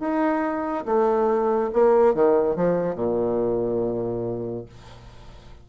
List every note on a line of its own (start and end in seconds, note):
0.00 0.85 D#4
0.85 1.71 A3
1.73 2.15 A#3
2.15 2.56 D#3
2.56 2.95 F3
2.95 4.66 A#2